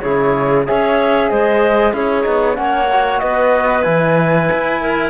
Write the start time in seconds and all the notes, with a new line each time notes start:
0.00 C#3 E4 G#4 C#5
0.66 C#4 G#4 C#5 E5
1.29 G#3 C5 D#5
1.92 C#4 E4 G#4 C#5
2.24 B3 D#4
2.55 A#3 C#4 C#5 F#5
2.93 F#4
3.19 B3 B4 D#5
3.82 E3 E4 G#5
4.52 E4
4.81 A#4